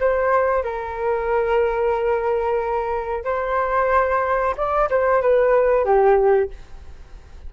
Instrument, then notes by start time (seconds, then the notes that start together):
flute
0.00 C5
0.64 A#4
3.25 C5
4.57 D5
4.90 C5
5.21 B4
5.85 G4